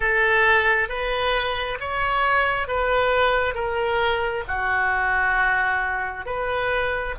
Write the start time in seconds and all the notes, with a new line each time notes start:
0.00 A4
0.88 B4
1.80 C#5
2.67 B4
3.54 A#4
4.47 F#4
6.25 B4